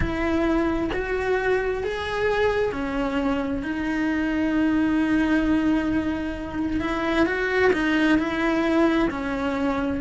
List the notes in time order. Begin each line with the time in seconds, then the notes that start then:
0.00 E4
0.92 F#4
1.83 G#4
2.72 C#4
3.62 D#4
6.80 E4
7.26 F#4
7.73 D#4
8.18 E4
9.10 C#4